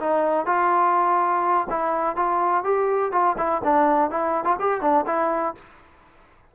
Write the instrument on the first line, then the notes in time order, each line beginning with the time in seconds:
trombone
0.00 D#4
0.46 F4
1.70 E4
2.16 F4
2.64 G4
3.12 F4
3.38 E4
3.64 D4
4.11 E4
4.44 F4
4.59 G4
4.81 D4
5.07 E4